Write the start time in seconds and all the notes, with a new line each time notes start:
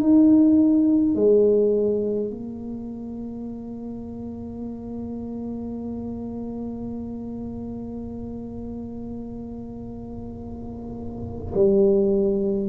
0.00 D#4
1.15 G#3
2.30 A#3
11.54 G3